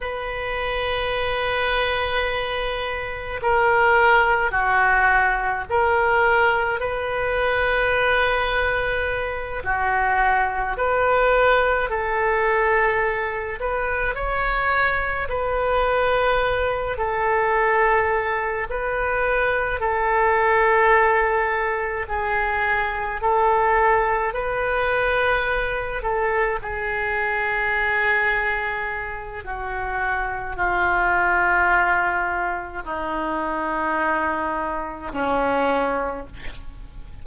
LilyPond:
\new Staff \with { instrumentName = "oboe" } { \time 4/4 \tempo 4 = 53 b'2. ais'4 | fis'4 ais'4 b'2~ | b'8 fis'4 b'4 a'4. | b'8 cis''4 b'4. a'4~ |
a'8 b'4 a'2 gis'8~ | gis'8 a'4 b'4. a'8 gis'8~ | gis'2 fis'4 f'4~ | f'4 dis'2 cis'4 | }